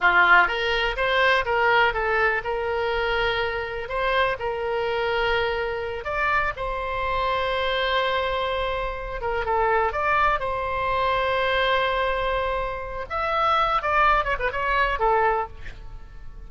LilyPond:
\new Staff \with { instrumentName = "oboe" } { \time 4/4 \tempo 4 = 124 f'4 ais'4 c''4 ais'4 | a'4 ais'2. | c''4 ais'2.~ | ais'8 d''4 c''2~ c''8~ |
c''2. ais'8 a'8~ | a'8 d''4 c''2~ c''8~ | c''2. e''4~ | e''8 d''4 cis''16 b'16 cis''4 a'4 | }